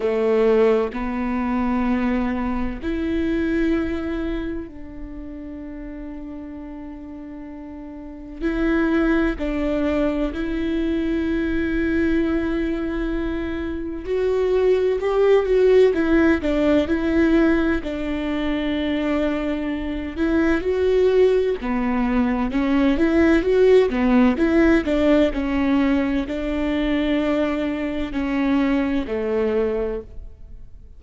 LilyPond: \new Staff \with { instrumentName = "viola" } { \time 4/4 \tempo 4 = 64 a4 b2 e'4~ | e'4 d'2.~ | d'4 e'4 d'4 e'4~ | e'2. fis'4 |
g'8 fis'8 e'8 d'8 e'4 d'4~ | d'4. e'8 fis'4 b4 | cis'8 e'8 fis'8 b8 e'8 d'8 cis'4 | d'2 cis'4 a4 | }